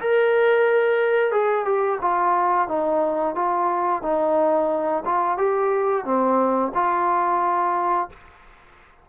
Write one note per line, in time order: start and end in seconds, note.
0.00 1.31 A#4
1.31 1.65 G#4
1.65 1.99 G4
2.01 2.68 F4
2.68 3.35 D#4
3.35 4.02 F4
4.02 5.03 D#4
5.05 5.37 F4
5.37 6.04 G4
6.04 6.72 C4
6.74 8.09 F4